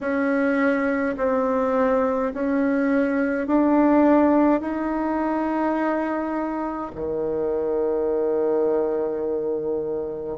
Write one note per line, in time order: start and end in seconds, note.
0.00 1.15 C#4
1.17 2.32 C4
2.33 3.47 C#4
3.47 4.60 D4
4.60 6.91 D#4
6.95 10.38 D#3